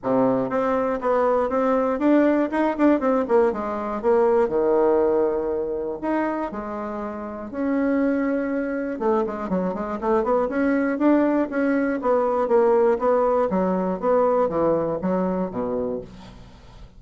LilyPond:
\new Staff \with { instrumentName = "bassoon" } { \time 4/4 \tempo 4 = 120 c4 c'4 b4 c'4 | d'4 dis'8 d'8 c'8 ais8 gis4 | ais4 dis2. | dis'4 gis2 cis'4~ |
cis'2 a8 gis8 fis8 gis8 | a8 b8 cis'4 d'4 cis'4 | b4 ais4 b4 fis4 | b4 e4 fis4 b,4 | }